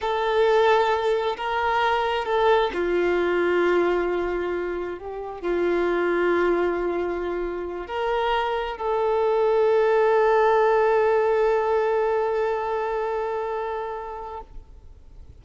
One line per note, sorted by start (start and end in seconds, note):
0.01 1.36 A4
1.36 2.25 A#4
2.25 2.70 A4
2.73 4.98 F4
4.98 5.41 G4
5.41 7.87 F4
7.87 8.77 A#4
8.77 14.41 A4